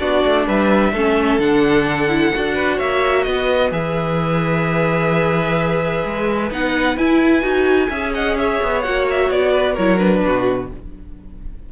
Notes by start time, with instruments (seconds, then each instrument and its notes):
0.00 cello B3, viola D4, violin F#4 D5
0.25 cello A3
0.47 cello G3, violin B4 E5
0.93 cello A3, viola C#4, violin A4
1.40 cello D3, viola D4, violin F#5
2.09 viola E4
2.35 cello D4, viola F#4
2.55 violin B4
2.77 cello A#3, violin C#5 E5
3.24 cello B3, violin B4 D#5
3.71 cello E3, viola G#4, violin E5
6.06 cello G#3
6.52 cello B3, viola D#4, violin F#5
6.98 cello E4, viola E4, violin G#5
7.42 cello D#4, viola F#4
7.90 cello C#4, viola G#4, violin E5
8.14 violin D#5 F#5
8.38 violin C#5 E5
8.63 cello B3
8.82 cello A#3, viola F#4, violin F#5
9.11 violin E5
9.31 cello B3, violin D5
9.53 violin B4
9.74 cello F#3, viola E4, violin A#4 C#5
9.99 viola D4, violin B4
10.25 cello B2, violin F#4